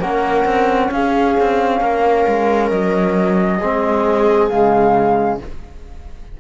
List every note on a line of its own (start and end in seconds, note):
0.00 0.45 A#3
0.00 3.61 C#4
0.00 0.90 A#4
0.00 0.91 F#5
0.45 0.90 C4
0.91 1.36 C#4
0.91 1.81 G#4
0.91 2.69 F5
1.40 1.81 C4
1.81 2.26 A#3
1.81 3.57 A#4
2.28 2.71 G#3
2.69 3.61 F#3
2.69 4.48 D#5
3.57 4.50 G#3
3.57 4.51 C4
3.57 5.37 G#4
4.49 5.40 C#3
4.49 5.40 G#3
4.49 5.38 F5